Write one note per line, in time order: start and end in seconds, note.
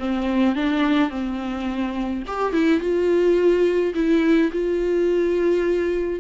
0.00 0.56 C4
0.56 1.10 D4
1.10 2.23 C4
2.27 2.53 G4
2.53 2.81 E4
2.81 3.94 F4
3.95 4.52 E4
4.53 6.21 F4